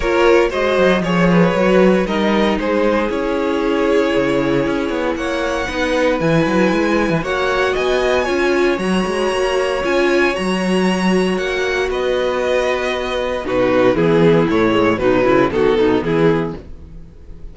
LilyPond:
<<
  \new Staff \with { instrumentName = "violin" } { \time 4/4 \tempo 4 = 116 cis''4 dis''4 cis''2 | dis''4 c''4 cis''2~ | cis''2 fis''2 | gis''2 fis''4 gis''4~ |
gis''4 ais''2 gis''4 | ais''2 fis''4 dis''4~ | dis''2 b'4 gis'4 | cis''4 b'4 a'4 gis'4 | }
  \new Staff \with { instrumentName = "violin" } { \time 4/4 ais'4 c''4 cis''8 b'4. | ais'4 gis'2.~ | gis'2 cis''4 b'4~ | b'2 cis''4 dis''4 |
cis''1~ | cis''2. b'4~ | b'2 fis'4 e'4~ | e'4 dis'8 e'8 fis'8 dis'8 e'4 | }
  \new Staff \with { instrumentName = "viola" } { \time 4/4 f'4 fis'4 gis'4 fis'4 | dis'2 e'2~ | e'2. dis'4 | e'2 fis'2 |
f'4 fis'2 f'4 | fis'1~ | fis'2 dis'4 b4 | a8 gis8 fis4 b2 | }
  \new Staff \with { instrumentName = "cello" } { \time 4/4 ais4 gis8 fis8 f4 fis4 | g4 gis4 cis'2 | cis4 cis'8 b8 ais4 b4 | e8 fis8 gis8. e16 ais4 b4 |
cis'4 fis8 gis8 ais4 cis'4 | fis2 ais4 b4~ | b2 b,4 e4 | a,4 b,8 cis8 dis8 b,8 e4 | }
>>